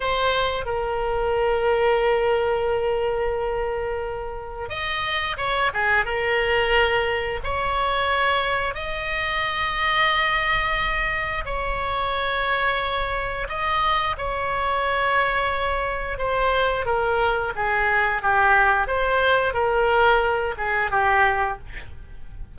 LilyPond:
\new Staff \with { instrumentName = "oboe" } { \time 4/4 \tempo 4 = 89 c''4 ais'2.~ | ais'2. dis''4 | cis''8 gis'8 ais'2 cis''4~ | cis''4 dis''2.~ |
dis''4 cis''2. | dis''4 cis''2. | c''4 ais'4 gis'4 g'4 | c''4 ais'4. gis'8 g'4 | }